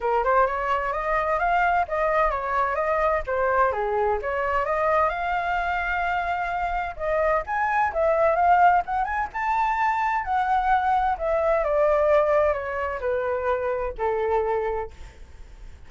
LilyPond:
\new Staff \with { instrumentName = "flute" } { \time 4/4 \tempo 4 = 129 ais'8 c''8 cis''4 dis''4 f''4 | dis''4 cis''4 dis''4 c''4 | gis'4 cis''4 dis''4 f''4~ | f''2. dis''4 |
gis''4 e''4 f''4 fis''8 gis''8 | a''2 fis''2 | e''4 d''2 cis''4 | b'2 a'2 | }